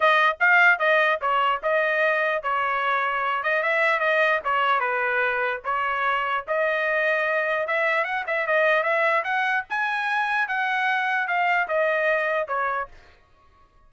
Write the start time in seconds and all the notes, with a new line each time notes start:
0.00 D#5
0.40 F5
0.79 D#5
1.21 C#5
1.62 D#5
2.42 C#5
3.43 D#5
3.62 E5
3.99 D#5
4.44 C#5
4.80 B4
5.64 C#5
6.47 D#5
7.67 E5
8.04 F#5
8.27 E5
8.46 D#5
8.83 E5
9.23 F#5
9.69 G#5
10.48 F#5
11.27 F5
11.67 D#5
12.47 C#5